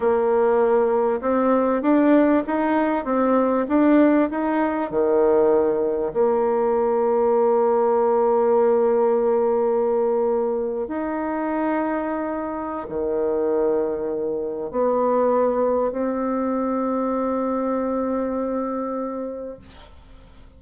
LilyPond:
\new Staff \with { instrumentName = "bassoon" } { \time 4/4 \tempo 4 = 98 ais2 c'4 d'4 | dis'4 c'4 d'4 dis'4 | dis2 ais2~ | ais1~ |
ais4.~ ais16 dis'2~ dis'16~ | dis'4 dis2. | b2 c'2~ | c'1 | }